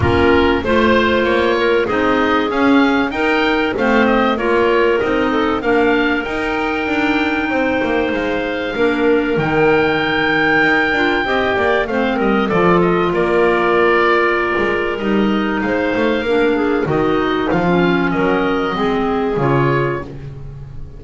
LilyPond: <<
  \new Staff \with { instrumentName = "oboe" } { \time 4/4 \tempo 4 = 96 ais'4 c''4 cis''4 dis''4 | f''4 g''4 f''8 dis''8 cis''4 | dis''4 f''4 g''2~ | g''4 f''2 g''4~ |
g''2. f''8 dis''8 | d''8 dis''8 d''2. | dis''4 f''2 dis''4 | f''4 dis''2 cis''4 | }
  \new Staff \with { instrumentName = "clarinet" } { \time 4/4 f'4 c''4. ais'8 gis'4~ | gis'4 ais'4 c''4 ais'4~ | ais'8 a'8 ais'2. | c''2 ais'2~ |
ais'2 dis''8 d''8 c''8 ais'8 | a'4 ais'2.~ | ais'4 c''4 ais'8 gis'8 fis'4 | f'4 ais'4 gis'2 | }
  \new Staff \with { instrumentName = "clarinet" } { \time 4/4 cis'4 f'2 dis'4 | cis'4 dis'4 c'4 f'4 | dis'4 d'4 dis'2~ | dis'2 d'4 dis'4~ |
dis'4. f'8 g'4 c'4 | f'1 | dis'2 d'4 dis'4~ | dis'16 cis'4.~ cis'16 c'4 f'4 | }
  \new Staff \with { instrumentName = "double bass" } { \time 4/4 ais4 a4 ais4 c'4 | cis'4 dis'4 a4 ais4 | c'4 ais4 dis'4 d'4 | c'8 ais8 gis4 ais4 dis4~ |
dis4 dis'8 d'8 c'8 ais8 a8 g8 | f4 ais2~ ais16 gis8. | g4 gis8 a8 ais4 dis4 | f4 fis4 gis4 cis4 | }
>>